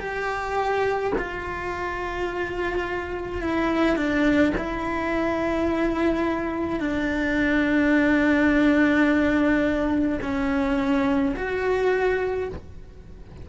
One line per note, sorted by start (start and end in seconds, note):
0.00 1.13 G4
1.18 3.42 F4
3.42 3.97 E4
3.97 4.53 D4
4.57 6.80 E4
6.80 10.20 D4
10.22 11.35 C#4
11.36 12.49 F#4